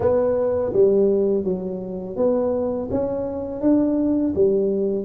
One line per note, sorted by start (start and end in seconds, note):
0.00 0.72 B3
0.73 1.44 G3
1.44 2.16 F#3
2.16 2.88 B3
2.90 3.61 C#4
3.61 4.33 D4
4.35 5.04 G3